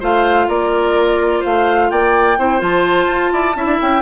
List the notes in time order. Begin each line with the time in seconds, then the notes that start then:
0.00 A3 F4 C5 F5
0.48 A#3 A#4 D5
1.40 A3 C5 F5
1.90 A#3 D5 G5
2.38 C4 E4 C5
2.59 F3 F4 A5
3.07 F4
3.32 E4 D5
3.56 C#4 E4 E5
3.65 D4
3.81 C#4 G5